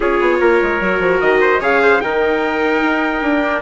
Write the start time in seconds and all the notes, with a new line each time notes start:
0.00 C#4 F4 G#4 C#5
0.20 B3
0.40 A#3 A#4
0.62 G#3
0.80 F#3 F#4
0.99 F3
1.20 D#3 D#5
1.40 C5
1.60 C#3 G#4 C#5 F5
1.82 C5
2.00 D#3 D#4 A#4 G5
2.81 D#4
3.22 D4
3.41 D4